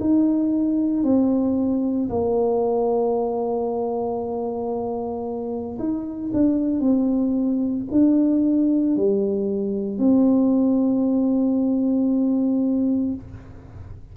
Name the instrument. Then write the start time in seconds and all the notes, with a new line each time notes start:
tuba
0.00 D#4
1.03 C4
2.10 A#3
5.79 D#4
6.33 D4
6.80 C4
7.91 D4
8.96 G3
9.98 C4